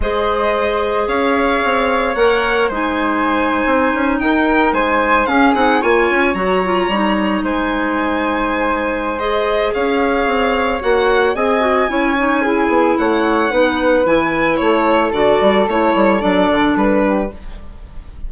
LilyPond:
<<
  \new Staff \with { instrumentName = "violin" } { \time 4/4 \tempo 4 = 111 dis''2 f''2 | fis''4 gis''2~ gis''8. g''16~ | g''8. gis''4 f''8 fis''8 gis''4 ais''16~ | ais''4.~ ais''16 gis''2~ gis''16~ |
gis''4 dis''4 f''2 | fis''4 gis''2. | fis''2 gis''4 cis''4 | d''4 cis''4 d''4 b'4 | }
  \new Staff \with { instrumentName = "flute" } { \time 4/4 c''2 cis''2~ | cis''4 c''2~ c''8. ais'16~ | ais'8. c''4 gis'4 cis''4~ cis''16~ | cis''4.~ cis''16 c''2~ c''16~ |
c''2 cis''2~ | cis''4 dis''4 cis''4 gis'4 | cis''4 b'2 a'4~ | a'2.~ a'8 g'8 | }
  \new Staff \with { instrumentName = "clarinet" } { \time 4/4 gis'1 | ais'4 dis'2.~ | dis'4.~ dis'16 cis'8 dis'8 f'4 fis'16~ | fis'16 f'8 dis'2.~ dis'16~ |
dis'4 gis'2. | fis'4 gis'8 fis'8 e'8 dis'8 e'4~ | e'4 dis'4 e'2 | fis'4 e'4 d'2 | }
  \new Staff \with { instrumentName = "bassoon" } { \time 4/4 gis2 cis'4 c'4 | ais4 gis4.~ gis16 c'8 cis'8 dis'16~ | dis'8. gis4 cis'8 c'8 ais8 cis'8 fis16~ | fis8. g4 gis2~ gis16~ |
gis2 cis'4 c'4 | ais4 c'4 cis'4. b8 | a4 b4 e4 a4 | d8 g8 a8 g8 fis8 d8 g4 | }
>>